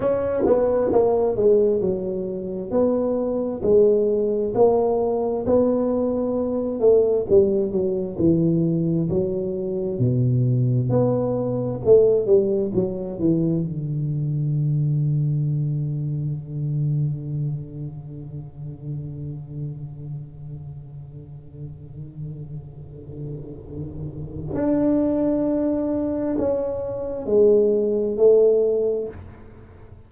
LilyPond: \new Staff \with { instrumentName = "tuba" } { \time 4/4 \tempo 4 = 66 cis'8 b8 ais8 gis8 fis4 b4 | gis4 ais4 b4. a8 | g8 fis8 e4 fis4 b,4 | b4 a8 g8 fis8 e8 d4~ |
d1~ | d1~ | d2. d'4~ | d'4 cis'4 gis4 a4 | }